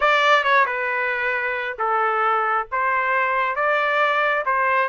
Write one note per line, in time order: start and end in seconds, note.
0.00 0.43 D5
0.43 0.65 C#5
0.66 1.77 B4
1.78 2.67 A4
2.71 3.55 C5
3.55 4.44 D5
4.45 4.88 C5